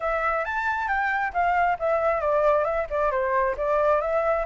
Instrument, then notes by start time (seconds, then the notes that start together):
flute
0.00 E5
0.44 A5
0.87 G5
1.33 F5
1.79 E5
2.20 D5
2.64 E5
2.90 D5
3.11 C5
3.57 D5
4.01 E5